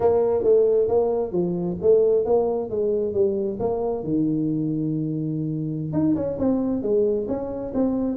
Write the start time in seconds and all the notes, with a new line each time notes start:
0.00 A#3
0.43 A3
0.88 A#3
1.32 F3
1.81 A3
2.25 A#3
2.69 G#3
3.13 G3
3.59 A#3
4.03 D#3
5.92 D#4
6.15 C#4
6.38 C4
6.82 G#3
7.28 C#4
7.73 C4